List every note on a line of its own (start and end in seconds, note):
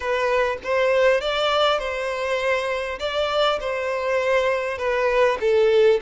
0.00 0.57 B4
0.63 1.21 C5
1.21 1.78 D5
1.78 2.98 C5
2.99 3.59 D5
3.60 4.78 C5
4.78 5.38 B4
5.40 6.00 A4